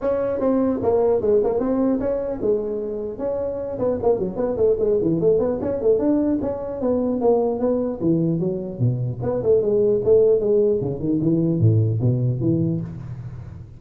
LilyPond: \new Staff \with { instrumentName = "tuba" } { \time 4/4 \tempo 4 = 150 cis'4 c'4 ais4 gis8 ais8 | c'4 cis'4 gis2 | cis'4. b8 ais8 fis8 b8 a8 | gis8 e8 a8 b8 cis'8 a8 d'4 |
cis'4 b4 ais4 b4 | e4 fis4 b,4 b8 a8 | gis4 a4 gis4 cis8 dis8 | e4 a,4 b,4 e4 | }